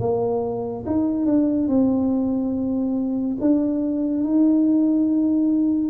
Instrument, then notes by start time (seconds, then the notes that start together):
tuba
0.00 A#3
0.86 D#4
1.26 D4
1.68 C4
3.41 D4
4.24 D#4